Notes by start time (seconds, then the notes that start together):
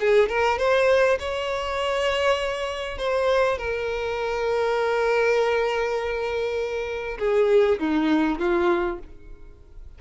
0.00 G#4
0.29 A#4
0.58 C5
1.19 C#5
2.98 C5
3.58 A#4
7.19 G#4
7.79 D#4
8.39 F4